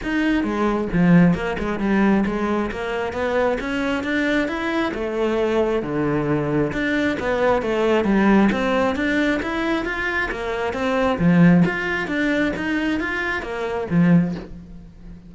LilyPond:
\new Staff \with { instrumentName = "cello" } { \time 4/4 \tempo 4 = 134 dis'4 gis4 f4 ais8 gis8 | g4 gis4 ais4 b4 | cis'4 d'4 e'4 a4~ | a4 d2 d'4 |
b4 a4 g4 c'4 | d'4 e'4 f'4 ais4 | c'4 f4 f'4 d'4 | dis'4 f'4 ais4 f4 | }